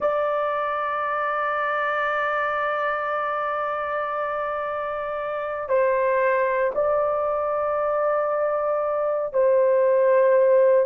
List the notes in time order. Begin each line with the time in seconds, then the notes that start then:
0.00 D5
5.68 C5
6.75 D5
9.33 C5